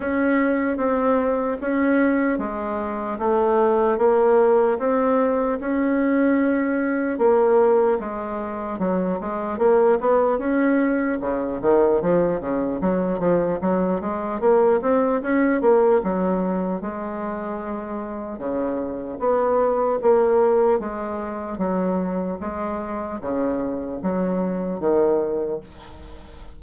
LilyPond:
\new Staff \with { instrumentName = "bassoon" } { \time 4/4 \tempo 4 = 75 cis'4 c'4 cis'4 gis4 | a4 ais4 c'4 cis'4~ | cis'4 ais4 gis4 fis8 gis8 | ais8 b8 cis'4 cis8 dis8 f8 cis8 |
fis8 f8 fis8 gis8 ais8 c'8 cis'8 ais8 | fis4 gis2 cis4 | b4 ais4 gis4 fis4 | gis4 cis4 fis4 dis4 | }